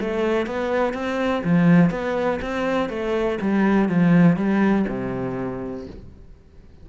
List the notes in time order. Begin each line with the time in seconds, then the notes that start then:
0.00 A3
0.46 B3
0.93 C4
1.44 F3
1.90 B3
2.41 C4
2.89 A3
3.41 G3
3.89 F3
4.36 G3
4.88 C3